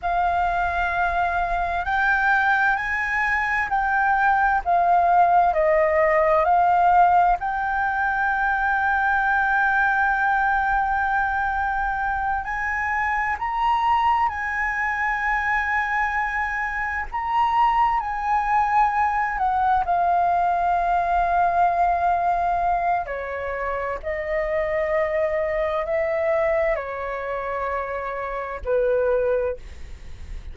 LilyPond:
\new Staff \with { instrumentName = "flute" } { \time 4/4 \tempo 4 = 65 f''2 g''4 gis''4 | g''4 f''4 dis''4 f''4 | g''1~ | g''4. gis''4 ais''4 gis''8~ |
gis''2~ gis''8 ais''4 gis''8~ | gis''4 fis''8 f''2~ f''8~ | f''4 cis''4 dis''2 | e''4 cis''2 b'4 | }